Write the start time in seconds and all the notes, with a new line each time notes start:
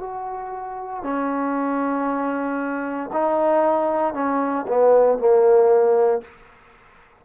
0.00 F#4
1.03 C#4
3.13 D#4
4.14 C#4
4.68 B3
5.19 A#3